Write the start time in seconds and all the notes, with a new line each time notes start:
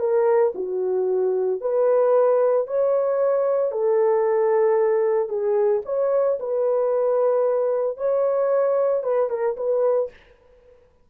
0.00 A#4
0.56 F#4
1.61 B4
2.68 C#5
3.72 A4
5.29 G#4
5.86 C#5
6.40 B4
7.98 C#5
9.04 B4
9.30 A#4
9.57 B4